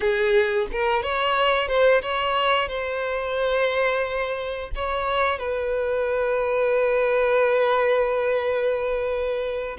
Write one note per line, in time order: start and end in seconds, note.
0.00 0.67 G#4
0.72 1.03 A#4
1.03 1.67 C#5
1.67 2.01 C5
2.01 2.68 C#5
2.68 4.70 C5
4.75 5.38 C#5
5.38 9.77 B4